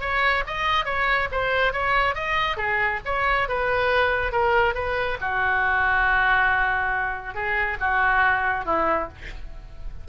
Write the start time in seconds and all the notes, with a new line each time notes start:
0.00 C#5
0.47 D#5
0.85 C#5
1.31 C5
1.72 C#5
2.14 D#5
2.56 G#4
3.05 C#5
3.48 B4
4.32 A#4
4.74 B4
5.21 F#4
7.34 G#4
7.80 F#4
8.65 E4